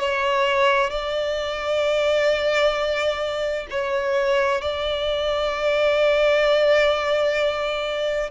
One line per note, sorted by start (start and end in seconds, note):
0.00 0.91 C#5
0.91 3.68 D5
3.70 4.62 C#5
4.62 8.31 D5